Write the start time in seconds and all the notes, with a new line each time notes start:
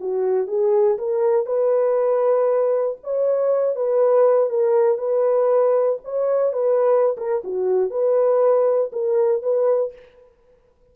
0.00 F#4
0.47 G#4
0.98 A#4
1.46 B4
3.03 C#5
3.75 B4
4.49 A#4
4.98 B4
6.04 C#5
6.53 B4
7.17 A#4
7.44 F#4
7.90 B4
8.92 A#4
9.42 B4